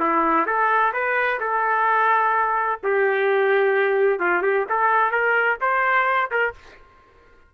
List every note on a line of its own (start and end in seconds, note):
0.00 0.47 E4
0.47 0.93 A4
0.94 1.40 B4
1.41 2.80 A4
2.84 4.20 G4
4.20 4.43 F4
4.43 4.66 G4
4.70 5.12 A4
5.12 5.58 A#4
5.62 6.31 C5
6.31 6.55 A#4